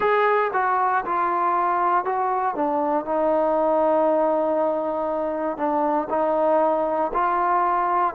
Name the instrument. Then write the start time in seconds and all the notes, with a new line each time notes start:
trombone
0.00 G#4
0.53 F#4
1.04 F4
2.04 F#4
2.55 D4
3.05 D#4
5.57 D4
6.09 D#4
7.13 F4